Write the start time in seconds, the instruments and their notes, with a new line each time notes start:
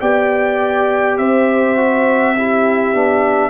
0.00 tuba B3, trombone G4, horn D5, trumpet G5
1.17 tuba C4, horn C5, trumpet E5
1.76 trombone F#4
2.37 trombone E4, horn G4
2.94 tuba B3, trombone D4